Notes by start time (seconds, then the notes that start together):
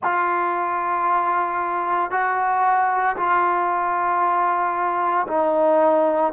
0.02 F4
2.11 F#4
3.16 F4
5.27 D#4